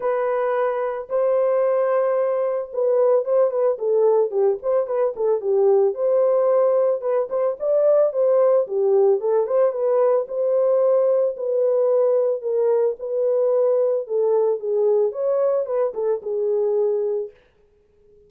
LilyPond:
\new Staff \with { instrumentName = "horn" } { \time 4/4 \tempo 4 = 111 b'2 c''2~ | c''4 b'4 c''8 b'8 a'4 | g'8 c''8 b'8 a'8 g'4 c''4~ | c''4 b'8 c''8 d''4 c''4 |
g'4 a'8 c''8 b'4 c''4~ | c''4 b'2 ais'4 | b'2 a'4 gis'4 | cis''4 b'8 a'8 gis'2 | }